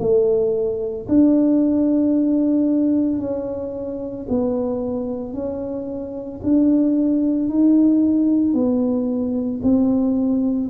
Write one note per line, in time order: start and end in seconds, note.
0.00 1.07 A3
1.09 3.19 D4
3.19 4.27 C#4
4.29 5.34 B3
5.34 6.41 C#4
6.43 7.50 D4
7.50 8.54 D#4
8.54 9.61 B3
9.63 10.70 C4